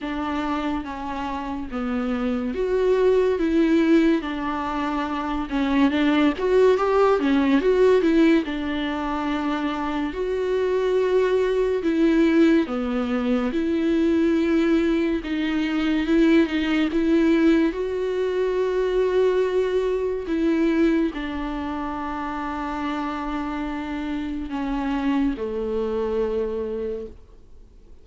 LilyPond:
\new Staff \with { instrumentName = "viola" } { \time 4/4 \tempo 4 = 71 d'4 cis'4 b4 fis'4 | e'4 d'4. cis'8 d'8 fis'8 | g'8 cis'8 fis'8 e'8 d'2 | fis'2 e'4 b4 |
e'2 dis'4 e'8 dis'8 | e'4 fis'2. | e'4 d'2.~ | d'4 cis'4 a2 | }